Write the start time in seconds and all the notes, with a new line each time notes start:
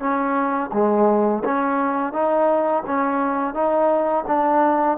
0.00 C#4
0.73 G#3
1.45 C#4
2.13 D#4
2.87 C#4
3.54 D#4
4.27 D4